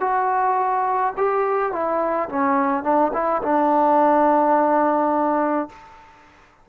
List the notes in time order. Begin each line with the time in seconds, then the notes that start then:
0.00 F#4
1.17 G4
1.72 E4
2.29 C#4
2.84 D4
3.13 E4
3.43 D4